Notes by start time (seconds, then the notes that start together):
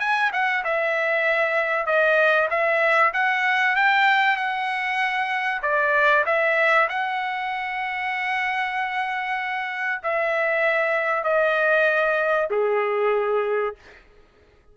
0.00 G#5
0.33 F#5
0.64 E5
1.87 D#5
2.51 E5
3.14 F#5
3.76 G5
4.37 F#5
5.62 D5
6.26 E5
6.89 F#5
10.03 E5
11.24 D#5
12.51 G#4